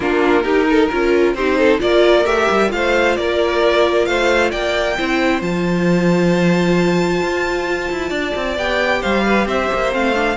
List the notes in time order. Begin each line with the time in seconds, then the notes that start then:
0.00 A#3 D4 F4 A#4
0.43 D#4 G4
0.69 A4
0.88 C#4 F4 A#4
1.34 C4 D#4 G4 C5
1.58 A4
1.79 A#3 F4 A#4 D5
2.25 A3 G4 E5
2.50 G3
2.68 A3 F4 F5
2.74 C5
3.16 A#3 A#4 D5
4.05 A3 C5 F5
4.51 A#3 D5 G5
4.98 C4 E4 C5
5.41 F3 F4 A5
7.22 F4
7.91 E4
8.09 D4 D5
8.35 C4
8.57 B3 G4 G5
9.01 G3 C5 F5
9.25 B4
9.45 C4 C5 E5
9.73 A#3
9.91 A3 C4 F5
10.14 D4